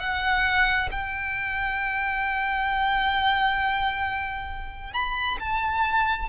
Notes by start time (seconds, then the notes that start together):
0.00 F#5
0.92 G5
4.94 B5
5.40 A5